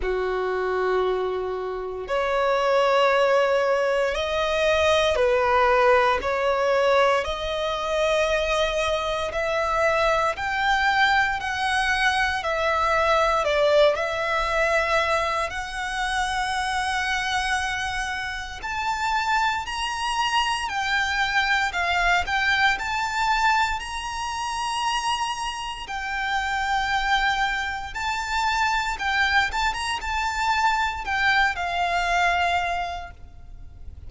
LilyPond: \new Staff \with { instrumentName = "violin" } { \time 4/4 \tempo 4 = 58 fis'2 cis''2 | dis''4 b'4 cis''4 dis''4~ | dis''4 e''4 g''4 fis''4 | e''4 d''8 e''4. fis''4~ |
fis''2 a''4 ais''4 | g''4 f''8 g''8 a''4 ais''4~ | ais''4 g''2 a''4 | g''8 a''16 ais''16 a''4 g''8 f''4. | }